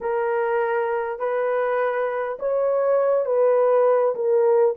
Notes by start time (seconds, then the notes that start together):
0.00 A#4
1.19 B4
2.39 C#5
3.25 B4
4.15 A#4